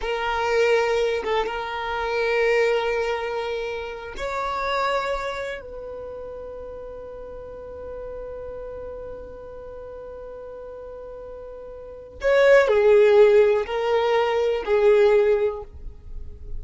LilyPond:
\new Staff \with { instrumentName = "violin" } { \time 4/4 \tempo 4 = 123 ais'2~ ais'8 a'8 ais'4~ | ais'1~ | ais'8 cis''2. b'8~ | b'1~ |
b'1~ | b'1~ | b'4 cis''4 gis'2 | ais'2 gis'2 | }